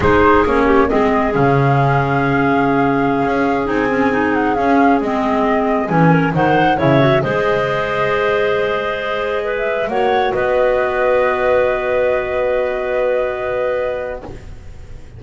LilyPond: <<
  \new Staff \with { instrumentName = "flute" } { \time 4/4 \tempo 4 = 135 c''4 cis''4 dis''4 f''4~ | f''1~ | f''16 gis''4. fis''8 f''4 dis''8.~ | dis''4~ dis''16 gis''4 fis''4 e''8.~ |
e''16 dis''2.~ dis''8.~ | dis''4. e''8. fis''4 dis''8.~ | dis''1~ | dis''1 | }
  \new Staff \with { instrumentName = "clarinet" } { \time 4/4 gis'4. g'8 gis'2~ | gis'1~ | gis'1~ | gis'4.~ gis'16 ais'8 c''4 cis''8.~ |
cis''16 c''2.~ c''8.~ | c''4~ c''16 b'4 cis''4 b'8.~ | b'1~ | b'1 | }
  \new Staff \with { instrumentName = "clarinet" } { \time 4/4 dis'4 cis'4 c'4 cis'4~ | cis'1~ | cis'16 dis'8 cis'8 dis'4 cis'4 c'8.~ | c'4~ c'16 cis'4 dis'4 e'8 fis'16~ |
fis'16 gis'2.~ gis'8.~ | gis'2~ gis'16 fis'4.~ fis'16~ | fis'1~ | fis'1 | }
  \new Staff \with { instrumentName = "double bass" } { \time 4/4 gis4 ais4 gis4 cis4~ | cis2.~ cis16 cis'8.~ | cis'16 c'2 cis'4 gis8.~ | gis4~ gis16 e4 dis4 cis8.~ |
cis16 gis2.~ gis8.~ | gis2~ gis16 ais4 b8.~ | b1~ | b1 | }
>>